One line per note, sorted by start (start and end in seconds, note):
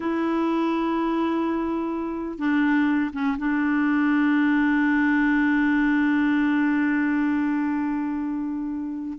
0.00 2.38 E4
2.38 3.11 D4
3.13 3.37 C#4
3.38 9.18 D4